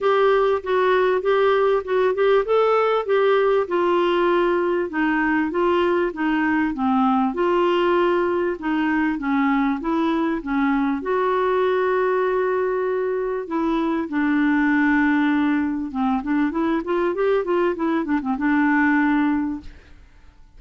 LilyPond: \new Staff \with { instrumentName = "clarinet" } { \time 4/4 \tempo 4 = 98 g'4 fis'4 g'4 fis'8 g'8 | a'4 g'4 f'2 | dis'4 f'4 dis'4 c'4 | f'2 dis'4 cis'4 |
e'4 cis'4 fis'2~ | fis'2 e'4 d'4~ | d'2 c'8 d'8 e'8 f'8 | g'8 f'8 e'8 d'16 c'16 d'2 | }